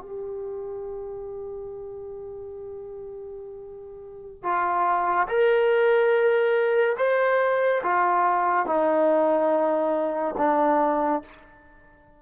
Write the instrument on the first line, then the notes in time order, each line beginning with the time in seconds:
trombone
0.00 G4
4.43 F4
5.27 A#4
6.97 C5
7.82 F4
8.66 D#4
10.37 D4